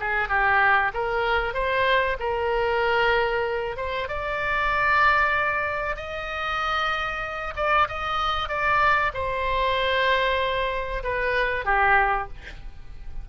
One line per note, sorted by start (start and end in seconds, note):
0.00 0.29 G#4
0.29 0.92 G4
0.94 1.54 A#4
1.54 2.17 C5
2.20 3.77 A#4
3.77 4.09 C5
4.09 5.96 D5
5.96 7.54 D#5
7.56 7.88 D5
7.88 8.49 D#5
8.49 9.12 D5
9.14 11.04 C5
11.04 11.66 B4
11.66 12.29 G4